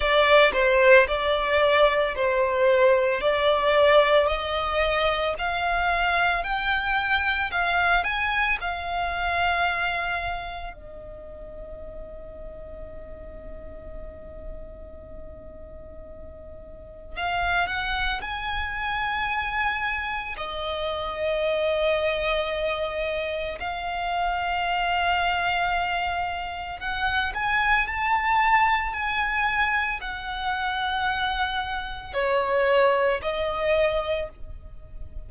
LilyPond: \new Staff \with { instrumentName = "violin" } { \time 4/4 \tempo 4 = 56 d''8 c''8 d''4 c''4 d''4 | dis''4 f''4 g''4 f''8 gis''8 | f''2 dis''2~ | dis''1 |
f''8 fis''8 gis''2 dis''4~ | dis''2 f''2~ | f''4 fis''8 gis''8 a''4 gis''4 | fis''2 cis''4 dis''4 | }